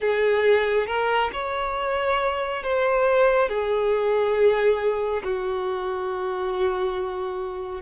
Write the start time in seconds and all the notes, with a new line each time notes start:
0.00 G#4
0.87 A#4
1.32 C#5
2.63 C5
3.48 G#4
5.23 F#4